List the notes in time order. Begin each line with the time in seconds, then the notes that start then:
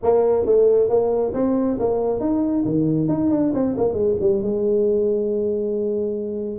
0.02 A#3
0.45 A3
0.89 A#3
1.33 C4
1.79 A#3
2.20 D#4
2.65 D#3
3.08 D#4
3.30 D4
3.53 C4
3.77 A#3
3.93 G#3
4.20 G3
4.42 G#3